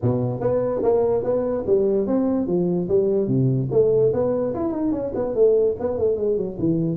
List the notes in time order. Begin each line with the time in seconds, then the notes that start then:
0.02 B2
0.40 B3
0.82 A#3
1.23 B3
1.66 G3
2.07 C4
2.47 F3
2.88 G3
3.27 C3
3.71 A3
4.13 B3
4.54 E4
4.72 D#4
4.91 C#4
5.14 B3
5.34 A3
5.79 B3
5.98 A3
6.16 G#3
6.37 F#3
6.59 E3